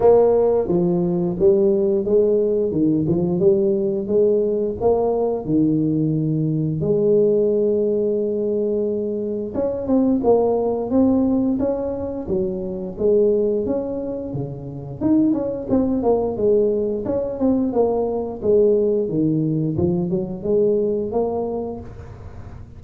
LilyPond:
\new Staff \with { instrumentName = "tuba" } { \time 4/4 \tempo 4 = 88 ais4 f4 g4 gis4 | dis8 f8 g4 gis4 ais4 | dis2 gis2~ | gis2 cis'8 c'8 ais4 |
c'4 cis'4 fis4 gis4 | cis'4 cis4 dis'8 cis'8 c'8 ais8 | gis4 cis'8 c'8 ais4 gis4 | dis4 f8 fis8 gis4 ais4 | }